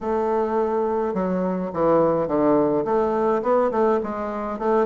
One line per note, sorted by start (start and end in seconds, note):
0.01 1.14 A3
1.14 1.71 F#3
1.73 2.27 E3
2.27 2.84 D3
2.84 3.42 A3
3.42 3.70 B3
3.71 3.99 A3
4.03 4.58 G#3
4.58 4.86 A3